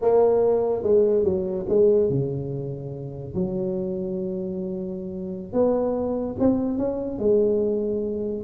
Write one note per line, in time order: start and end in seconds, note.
0.01 0.83 A#3
0.83 1.24 G#3
1.24 1.65 F#3
1.69 2.09 G#3
2.09 3.34 C#3
3.34 5.52 F#3
5.52 6.36 B3
6.39 6.77 C4
6.77 7.19 C#4
7.19 8.44 G#3